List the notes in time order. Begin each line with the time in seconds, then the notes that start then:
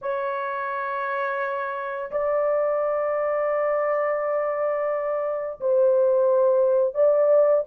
0.01 C#5
2.11 D5
5.60 C5
6.94 D5